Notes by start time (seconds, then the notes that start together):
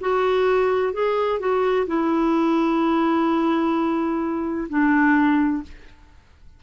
0.00 F#4
0.93 G#4
1.39 F#4
1.86 E4
4.69 D4